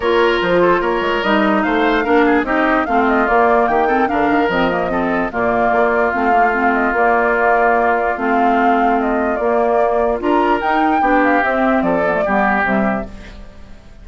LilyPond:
<<
  \new Staff \with { instrumentName = "flute" } { \time 4/4 \tempo 4 = 147 cis''4 c''4 cis''4 dis''4 | f''2 dis''4 f''8 dis''8 | d''4 g''4 f''4 dis''4~ | dis''4 d''2 f''4~ |
f''8 dis''8 d''2. | f''2 dis''4 d''4~ | d''4 ais''4 g''4. f''8 | e''4 d''2 e''4 | }
  \new Staff \with { instrumentName = "oboe" } { \time 4/4 ais'4. a'8 ais'2 | c''4 ais'8 gis'8 g'4 f'4~ | f'4 g'8 a'8 ais'2 | a'4 f'2.~ |
f'1~ | f'1~ | f'4 ais'2 g'4~ | g'4 a'4 g'2 | }
  \new Staff \with { instrumentName = "clarinet" } { \time 4/4 f'2. dis'4~ | dis'4 d'4 dis'4 c'4 | ais4. c'8 d'4 c'8 ais8 | c'4 ais2 c'8 ais8 |
c'4 ais2. | c'2. ais4~ | ais4 f'4 dis'4 d'4 | c'4. b16 a16 b4 g4 | }
  \new Staff \with { instrumentName = "bassoon" } { \time 4/4 ais4 f4 ais8 gis8 g4 | a4 ais4 c'4 a4 | ais4 dis4 d8 dis8 f4~ | f4 ais,4 ais4 a4~ |
a4 ais2. | a2. ais4~ | ais4 d'4 dis'4 b4 | c'4 f4 g4 c4 | }
>>